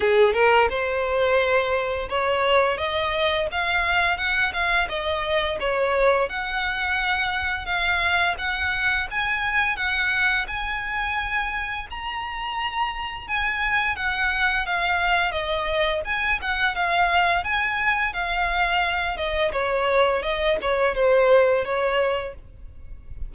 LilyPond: \new Staff \with { instrumentName = "violin" } { \time 4/4 \tempo 4 = 86 gis'8 ais'8 c''2 cis''4 | dis''4 f''4 fis''8 f''8 dis''4 | cis''4 fis''2 f''4 | fis''4 gis''4 fis''4 gis''4~ |
gis''4 ais''2 gis''4 | fis''4 f''4 dis''4 gis''8 fis''8 | f''4 gis''4 f''4. dis''8 | cis''4 dis''8 cis''8 c''4 cis''4 | }